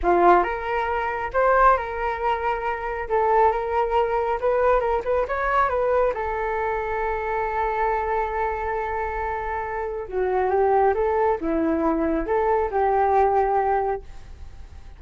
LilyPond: \new Staff \with { instrumentName = "flute" } { \time 4/4 \tempo 4 = 137 f'4 ais'2 c''4 | ais'2. a'4 | ais'2 b'4 ais'8 b'8 | cis''4 b'4 a'2~ |
a'1~ | a'2. fis'4 | g'4 a'4 e'2 | a'4 g'2. | }